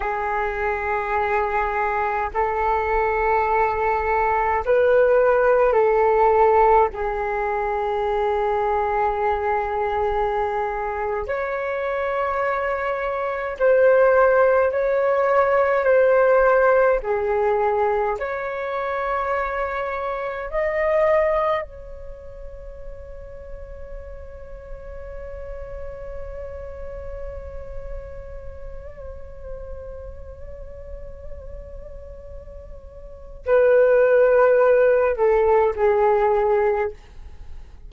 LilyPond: \new Staff \with { instrumentName = "flute" } { \time 4/4 \tempo 4 = 52 gis'2 a'2 | b'4 a'4 gis'2~ | gis'4.~ gis'16 cis''2 c''16~ | c''8. cis''4 c''4 gis'4 cis''16~ |
cis''4.~ cis''16 dis''4 cis''4~ cis''16~ | cis''1~ | cis''1~ | cis''4 b'4. a'8 gis'4 | }